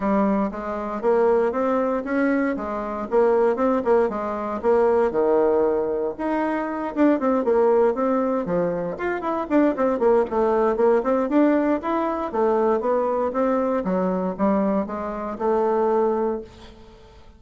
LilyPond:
\new Staff \with { instrumentName = "bassoon" } { \time 4/4 \tempo 4 = 117 g4 gis4 ais4 c'4 | cis'4 gis4 ais4 c'8 ais8 | gis4 ais4 dis2 | dis'4. d'8 c'8 ais4 c'8~ |
c'8 f4 f'8 e'8 d'8 c'8 ais8 | a4 ais8 c'8 d'4 e'4 | a4 b4 c'4 fis4 | g4 gis4 a2 | }